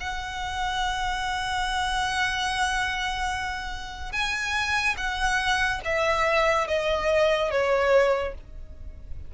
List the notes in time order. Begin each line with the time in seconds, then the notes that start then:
0.00 F#5
4.12 G#5
4.97 F#5
5.84 E5
6.67 D#5
7.51 C#5